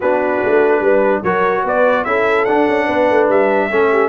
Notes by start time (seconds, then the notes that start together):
0.00 B3 D4 F#4 B4
0.44 A3
0.80 G3 B4
1.23 F#3 F#4 A#4 C#5
1.64 B3 B4 D5
2.04 C#4 E4 A4 E5
2.44 D4 F#5
2.67 C#4
2.86 B3 B4
3.10 A3
3.29 G3 E5
3.69 A3 C#4 A4
3.91 G4